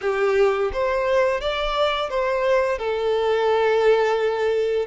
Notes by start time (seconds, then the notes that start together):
0.01 G4
0.72 C5
1.40 D5
2.09 C5
2.78 A4